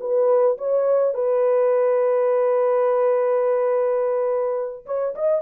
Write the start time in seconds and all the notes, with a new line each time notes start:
0.00 B4
0.58 C#5
1.14 B4
4.86 C#5
5.15 D#5